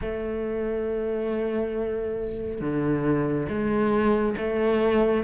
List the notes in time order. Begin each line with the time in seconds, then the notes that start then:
0.01 A3
2.60 D3
3.48 G#3
4.37 A3